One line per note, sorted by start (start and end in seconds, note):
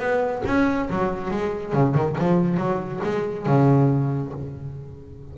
0.00 0.43 B3
0.47 0.90 C#4
0.90 1.31 F#3
1.31 1.74 G#3
1.74 1.95 C#3
1.95 2.17 D#3
2.19 2.57 F3
2.57 3.01 F#3
3.04 3.47 G#3
3.47 4.33 C#3